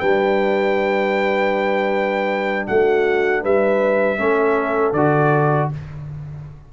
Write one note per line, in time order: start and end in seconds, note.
0.00 2.68 G3
0.00 4.18 D4
0.00 2.67 B4
0.00 2.66 G5
2.67 3.44 A3
2.67 3.42 F#4
2.67 3.43 F#5
3.42 4.20 G3
3.42 4.18 B4
3.42 4.93 E5
4.18 4.93 A3
4.18 4.94 C#4
4.18 5.71 A4
4.93 5.69 D3
4.93 5.73 F#4
4.93 5.69 D5